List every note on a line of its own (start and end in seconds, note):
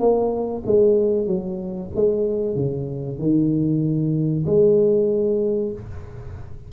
0.00 0.63 A#3
0.67 1.27 G#3
1.27 1.90 F#3
1.96 2.56 G#3
2.56 3.19 C#3
3.19 4.45 D#3
4.46 5.73 G#3